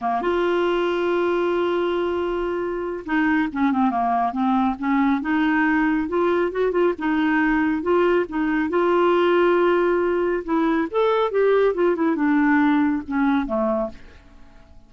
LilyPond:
\new Staff \with { instrumentName = "clarinet" } { \time 4/4 \tempo 4 = 138 ais8 f'2.~ f'8~ | f'2. dis'4 | cis'8 c'8 ais4 c'4 cis'4 | dis'2 f'4 fis'8 f'8 |
dis'2 f'4 dis'4 | f'1 | e'4 a'4 g'4 f'8 e'8 | d'2 cis'4 a4 | }